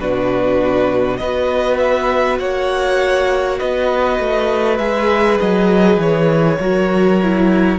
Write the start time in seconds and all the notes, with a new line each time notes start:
0.00 B2 D4 F#4 B4
1.17 B3 F#4 B4 D#5
1.78 E5
2.40 A#3 C#5 F#5
3.59 B3 B4 D#5
4.20 A3
4.78 G#3 G#4 E5
5.40 F#3 D#5
5.98 E3 C#5
6.60 F#3 F#4 A#4
7.23 E4